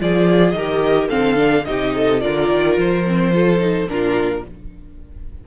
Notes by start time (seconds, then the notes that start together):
0.00 F3 F4 G#4 D5
0.51 D#3 G4 A#4 D#5
1.09 D3 C4 A4 F5
1.36 D4
1.65 C3 D#4 G4 D#5
1.95 A4
2.21 D3 F4 A#4 D5
2.49 D#3
2.77 F3 C5
3.07 C4
3.33 F4 A4
3.58 D#4
3.85 A#2 D4 F4 A#4